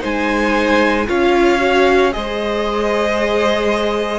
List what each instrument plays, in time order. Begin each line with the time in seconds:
0.00 cello G#3, viola D#4, violin C5 G#5
1.08 cello C#4, viola F4, violin C#5 F5
1.59 viola F#4
2.12 cello G#3, viola G#4, violin C5 D#5